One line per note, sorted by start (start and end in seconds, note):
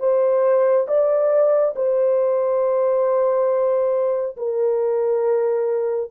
0.00 0.87 C5
0.88 1.75 D5
1.75 4.36 C5
4.37 6.11 A#4